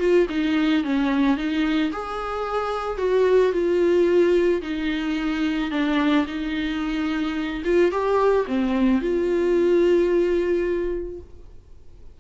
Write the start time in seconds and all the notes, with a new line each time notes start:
0.00 F4
0.30 D#4
0.84 C#4
1.37 D#4
1.93 G#4
2.98 F#4
3.53 F4
4.62 D#4
5.71 D4
6.27 D#4
7.65 F4
7.92 G4
8.47 C4
9.02 F4